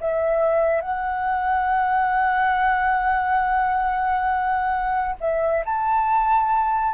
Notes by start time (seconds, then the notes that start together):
0.00 E5
0.81 F#5
5.20 E5
5.65 A5